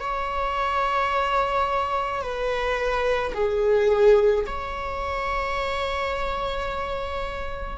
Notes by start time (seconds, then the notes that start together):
0.00 C#5
2.22 B4
3.34 G#4
4.46 C#5